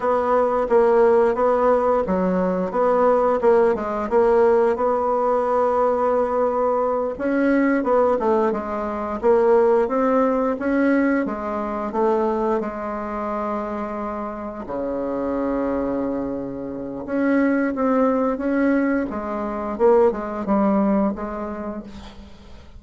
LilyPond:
\new Staff \with { instrumentName = "bassoon" } { \time 4/4 \tempo 4 = 88 b4 ais4 b4 fis4 | b4 ais8 gis8 ais4 b4~ | b2~ b8 cis'4 b8 | a8 gis4 ais4 c'4 cis'8~ |
cis'8 gis4 a4 gis4.~ | gis4. cis2~ cis8~ | cis4 cis'4 c'4 cis'4 | gis4 ais8 gis8 g4 gis4 | }